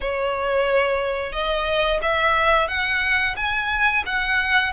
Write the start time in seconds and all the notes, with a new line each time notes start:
0.00 C#5
1.32 D#5
2.02 E5
2.68 F#5
3.36 G#5
4.06 F#5